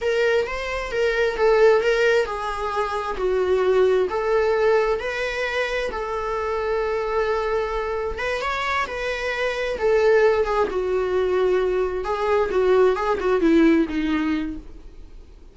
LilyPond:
\new Staff \with { instrumentName = "viola" } { \time 4/4 \tempo 4 = 132 ais'4 c''4 ais'4 a'4 | ais'4 gis'2 fis'4~ | fis'4 a'2 b'4~ | b'4 a'2.~ |
a'2 b'8 cis''4 b'8~ | b'4. a'4. gis'8 fis'8~ | fis'2~ fis'8 gis'4 fis'8~ | fis'8 gis'8 fis'8 e'4 dis'4. | }